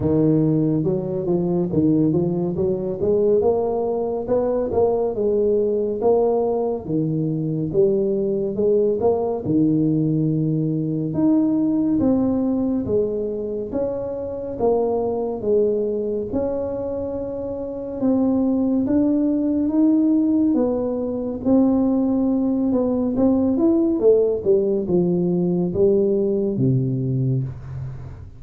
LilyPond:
\new Staff \with { instrumentName = "tuba" } { \time 4/4 \tempo 4 = 70 dis4 fis8 f8 dis8 f8 fis8 gis8 | ais4 b8 ais8 gis4 ais4 | dis4 g4 gis8 ais8 dis4~ | dis4 dis'4 c'4 gis4 |
cis'4 ais4 gis4 cis'4~ | cis'4 c'4 d'4 dis'4 | b4 c'4. b8 c'8 e'8 | a8 g8 f4 g4 c4 | }